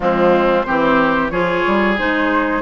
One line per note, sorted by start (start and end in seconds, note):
0.00 0.66 F3
0.00 0.64 G#3
0.00 0.66 C4
0.00 0.62 F4
0.62 1.30 E3
0.62 1.31 C4
0.62 1.31 G4
0.62 1.28 C5
1.29 1.63 F3
1.29 1.97 F4
1.29 2.62 G#4
1.29 1.95 C#5
1.66 1.99 G3
1.97 2.62 G#3
1.97 2.62 D#4
1.97 2.62 C5